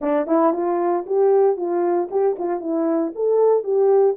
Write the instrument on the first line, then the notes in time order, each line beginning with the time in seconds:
horn
0.01 D4
0.27 E4
0.53 F4
1.06 G4
1.57 F4
2.10 G4
2.38 F4
2.60 E4
3.15 A4
3.63 G4